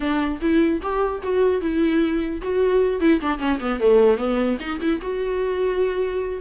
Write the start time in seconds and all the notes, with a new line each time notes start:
0.00 D4
0.41 E4
0.81 G4
1.22 F#4
1.61 E4
2.41 F#4
3.00 E4
3.20 D4
3.38 C#4
3.60 B3
3.80 A3
4.17 B3
4.60 D#4
4.80 E4
5.01 F#4